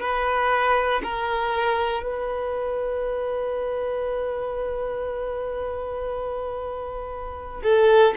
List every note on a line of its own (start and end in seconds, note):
0.00 1.02 B4
1.04 2.02 A#4
2.02 7.62 B4
7.63 8.14 A4